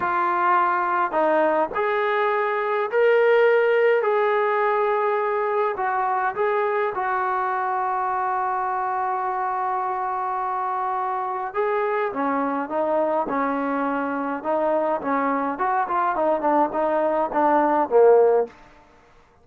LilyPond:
\new Staff \with { instrumentName = "trombone" } { \time 4/4 \tempo 4 = 104 f'2 dis'4 gis'4~ | gis'4 ais'2 gis'4~ | gis'2 fis'4 gis'4 | fis'1~ |
fis'1 | gis'4 cis'4 dis'4 cis'4~ | cis'4 dis'4 cis'4 fis'8 f'8 | dis'8 d'8 dis'4 d'4 ais4 | }